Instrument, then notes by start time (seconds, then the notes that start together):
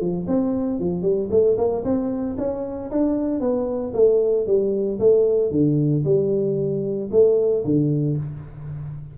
tuba
0.00 F3
0.27 C4
0.79 F3
1.02 G3
1.30 A3
1.57 A#3
1.84 C4
2.38 C#4
2.91 D4
3.40 B3
3.94 A3
4.46 G3
4.99 A3
5.51 D3
6.04 G3
7.11 A3
7.64 D3